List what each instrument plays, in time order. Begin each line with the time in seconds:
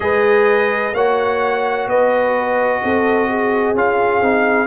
0.00 tuba G#3, trombone G#4, horn B4, trumpet D#5
0.93 tuba A#3, trombone F#4, horn C#5, trumpet F#5
1.87 tuba B3, horn B4, trumpet D#5
2.83 tuba C4, horn A4
3.29 horn G#4
3.74 tuba C#4, trombone F4, trumpet F5
4.21 tuba C4, trombone D#4